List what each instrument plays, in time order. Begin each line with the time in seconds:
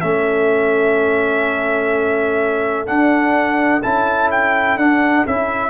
0.00 tuba A3, trombone C#4, horn A4, trumpet E5
2.87 trombone D4, tuba D4, trumpet F#5
3.83 tuba C#4, trombone E4, trumpet A5
4.31 trumpet G5
4.77 tuba D4, trombone D4, trumpet F#5
5.27 tuba C#4, trombone E4, trumpet E5